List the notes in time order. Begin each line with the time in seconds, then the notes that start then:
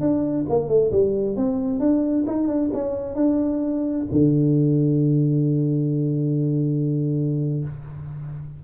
0.00 D4
0.49 A#3
0.68 A3
0.91 G3
1.36 C4
1.79 D4
2.26 D#4
2.47 D4
2.73 C#4
3.15 D4
4.11 D3